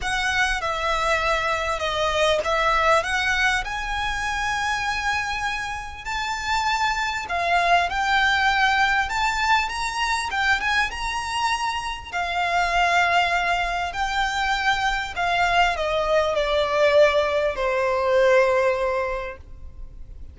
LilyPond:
\new Staff \with { instrumentName = "violin" } { \time 4/4 \tempo 4 = 99 fis''4 e''2 dis''4 | e''4 fis''4 gis''2~ | gis''2 a''2 | f''4 g''2 a''4 |
ais''4 g''8 gis''8 ais''2 | f''2. g''4~ | g''4 f''4 dis''4 d''4~ | d''4 c''2. | }